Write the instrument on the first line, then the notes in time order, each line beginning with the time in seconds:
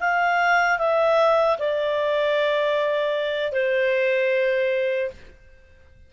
clarinet
0.00 F5
0.79 E5
1.59 D5
3.52 C5